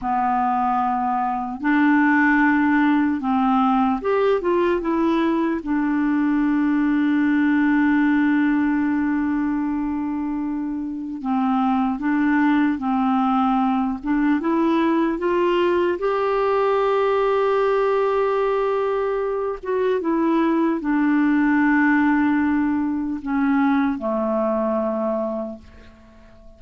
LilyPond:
\new Staff \with { instrumentName = "clarinet" } { \time 4/4 \tempo 4 = 75 b2 d'2 | c'4 g'8 f'8 e'4 d'4~ | d'1~ | d'2 c'4 d'4 |
c'4. d'8 e'4 f'4 | g'1~ | g'8 fis'8 e'4 d'2~ | d'4 cis'4 a2 | }